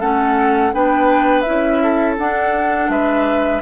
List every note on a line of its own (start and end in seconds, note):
0.00 0.73 A3
0.00 0.73 C#4
0.00 0.72 A4
0.00 0.73 F#5
0.73 1.45 B3
0.73 1.46 D4
0.73 1.83 B4
0.73 1.42 G5
1.42 2.18 E4
1.42 2.14 E5
1.49 2.18 C#4
1.83 2.91 A4
2.18 3.62 D4
2.18 2.89 D4
2.18 2.90 F#5
2.89 3.61 G#3
2.89 3.62 B4
2.89 3.62 E5